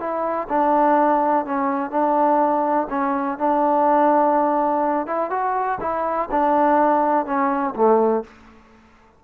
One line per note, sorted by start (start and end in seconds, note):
0.00 0.48 E4
0.49 1.46 D4
1.46 1.91 C#4
1.91 2.88 D4
2.90 3.38 C#4
3.38 5.07 D4
5.07 5.30 E4
5.30 5.79 F#4
5.81 6.29 E4
6.31 7.26 D4
7.26 7.75 C#4
7.76 8.24 A3